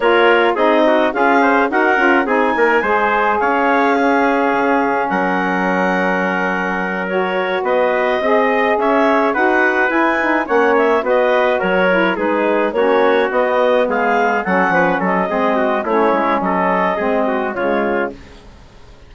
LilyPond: <<
  \new Staff \with { instrumentName = "clarinet" } { \time 4/4 \tempo 4 = 106 cis''4 dis''4 f''4 fis''4 | gis''2 f''2~ | f''4 fis''2.~ | fis''8 cis''4 dis''2 e''8~ |
e''8 fis''4 gis''4 fis''8 e''8 dis''8~ | dis''8 cis''4 b'4 cis''4 dis''8~ | dis''8 f''4 fis''4 dis''4. | cis''4 dis''2 cis''4 | }
  \new Staff \with { instrumentName = "trumpet" } { \time 4/4 ais'4 gis'8 fis'8 f'8 c''8 ais'4 | gis'8 ais'8 c''4 cis''4 gis'4~ | gis'4 ais'2.~ | ais'4. b'4 dis''4 cis''8~ |
cis''8 b'2 cis''4 b'8~ | b'8 ais'4 gis'4 fis'4.~ | fis'8 gis'4 a'8 b'8 a'8 gis'8 fis'8 | e'4 a'4 gis'8 fis'8 f'4 | }
  \new Staff \with { instrumentName = "saxophone" } { \time 4/4 f'4 dis'4 gis'4 fis'8 f'8 | dis'4 gis'2 cis'4~ | cis'1~ | cis'8 fis'2 gis'4.~ |
gis'8 fis'4 e'8 dis'8 cis'4 fis'8~ | fis'4 e'8 dis'4 cis'4 b8~ | b4. cis'4. c'4 | cis'2 c'4 gis4 | }
  \new Staff \with { instrumentName = "bassoon" } { \time 4/4 ais4 c'4 cis'4 dis'8 cis'8 | c'8 ais8 gis4 cis'2 | cis4 fis2.~ | fis4. b4 c'4 cis'8~ |
cis'8 dis'4 e'4 ais4 b8~ | b8 fis4 gis4 ais4 b8~ | b8 gis4 fis8 f8 fis8 gis4 | a8 gis8 fis4 gis4 cis4 | }
>>